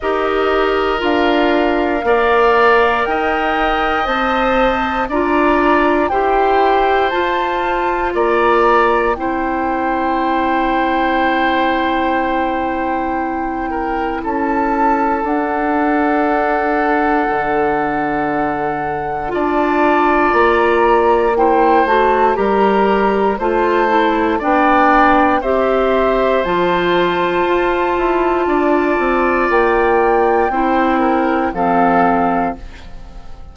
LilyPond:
<<
  \new Staff \with { instrumentName = "flute" } { \time 4/4 \tempo 4 = 59 dis''4 f''2 g''4 | a''4 ais''4 g''4 a''4 | ais''4 g''2.~ | g''2 a''4 fis''4~ |
fis''2. a''4 | ais''4 g''8 a''8 ais''4 a''4 | g''4 e''4 a''2~ | a''4 g''2 f''4 | }
  \new Staff \with { instrumentName = "oboe" } { \time 4/4 ais'2 d''4 dis''4~ | dis''4 d''4 c''2 | d''4 c''2.~ | c''4. ais'8 a'2~ |
a'2. d''4~ | d''4 c''4 ais'4 c''4 | d''4 c''2. | d''2 c''8 ais'8 a'4 | }
  \new Staff \with { instrumentName = "clarinet" } { \time 4/4 g'4 f'4 ais'2 | c''4 f'4 g'4 f'4~ | f'4 e'2.~ | e'2. d'4~ |
d'2. f'4~ | f'4 e'8 fis'8 g'4 f'8 e'8 | d'4 g'4 f'2~ | f'2 e'4 c'4 | }
  \new Staff \with { instrumentName = "bassoon" } { \time 4/4 dis'4 d'4 ais4 dis'4 | c'4 d'4 e'4 f'4 | ais4 c'2.~ | c'2 cis'4 d'4~ |
d'4 d2 d'4 | ais4. a8 g4 a4 | b4 c'4 f4 f'8 e'8 | d'8 c'8 ais4 c'4 f4 | }
>>